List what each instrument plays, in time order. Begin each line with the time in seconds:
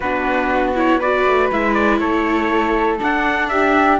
0.00 cello B3, viola D4, flute F#4, trumpet B4
0.75 viola E4, trumpet C#5
0.99 viola F#4, flute B4, trumpet D5
1.26 cello A3
1.52 cello G#3, viola E4, trumpet E5
1.73 trumpet D5
1.99 cello A3, flute A4, trumpet C#5
2.98 viola D4, cello D4, trumpet F#5
3.48 flute G4, trumpet E5